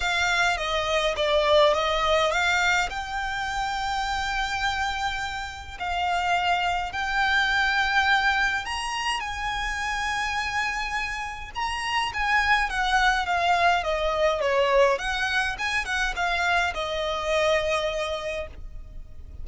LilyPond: \new Staff \with { instrumentName = "violin" } { \time 4/4 \tempo 4 = 104 f''4 dis''4 d''4 dis''4 | f''4 g''2.~ | g''2 f''2 | g''2. ais''4 |
gis''1 | ais''4 gis''4 fis''4 f''4 | dis''4 cis''4 fis''4 gis''8 fis''8 | f''4 dis''2. | }